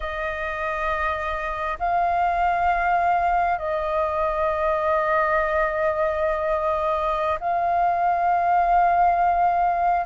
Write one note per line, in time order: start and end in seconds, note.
0.00 1.78 D#5
1.79 3.58 F5
3.58 7.38 D#5
7.40 10.06 F5